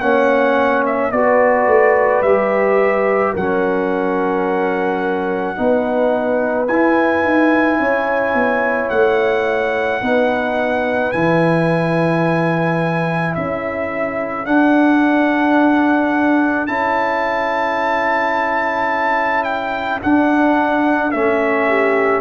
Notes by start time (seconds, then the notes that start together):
0.00 A#3 C#4 C#5 F#5
0.86 E5
1.11 B3 F#4 B4 D5
1.66 A3
2.22 G3 G4 E5
3.32 F#3 C#4 A#4 F#5
5.56 B3 D#4 B4
6.67 E4 G#5
7.24 D#4
7.79 C#4 C#5
8.34 B3
8.90 A3 F#5
10.02 B3 D#4 B4
11.12 E3 E4 G#5
13.34 C#4 A4 E5
14.45 D4 F#5
16.67 C#4 E4 A5
19.44 G5
20.01 D4 F#5
21.11 A3 C#4 E5
21.67 G4